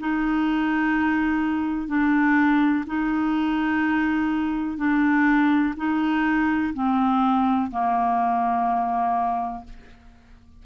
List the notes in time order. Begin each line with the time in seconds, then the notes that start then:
0.00 D#4
1.88 D4
2.87 D#4
4.78 D4
5.77 D#4
6.74 C4
7.71 A#3